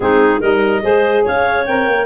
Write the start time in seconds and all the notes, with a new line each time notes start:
0.00 G#3 C4 D#4 G#4
0.39 G3 D#4 A#4 D#5
0.82 G#3 G#4 C5
1.24 C#4 C#5 F5
1.65 C4 A#4 G5
1.87 A#3